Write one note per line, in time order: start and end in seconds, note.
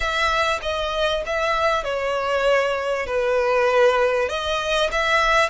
0.00 0.59 E5
0.62 1.23 D#5
1.26 1.84 E5
1.84 3.06 C#5
3.06 4.29 B4
4.29 4.90 D#5
4.91 5.49 E5